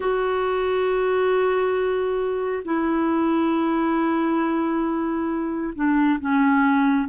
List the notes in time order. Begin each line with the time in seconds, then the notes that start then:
0.00 F#4
2.64 E4
5.75 D4
6.20 C#4